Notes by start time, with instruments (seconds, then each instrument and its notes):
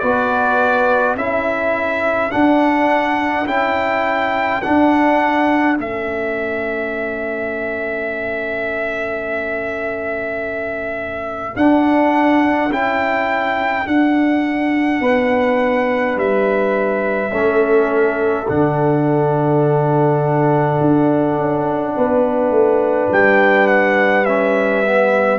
0.00 tuba B3, trombone F#4, horn B4, trumpet D5
1.16 tuba C#4, trombone E4, horn A4, trumpet E5
2.31 trombone D4, tuba D4, trumpet F#5
3.46 tuba C#4, trombone E4, trumpet G5
4.62 trombone D4, tuba D4, trumpet F#5
5.78 tuba A3, trombone C#4, trumpet E5
11.55 trombone D4, tuba D4, trumpet F#5
12.71 tuba C#4, trombone E4, trumpet G5
13.85 trombone D4, tuba D4, trumpet F#5
15.01 tuba B3, horn B4
16.16 tuba G3, trumpet E5
17.31 tuba A3, trombone C#4, horn A4
18.48 tuba D3, trombone D4, trumpet F#5
20.81 tuba D4
21.37 tuba C#4
21.97 tuba B3, horn B4
22.50 tuba A3
23.12 tuba G3, trumpet G5
23.68 trumpet F#5
24.25 trombone C#4, trumpet E5
24.84 trombone B3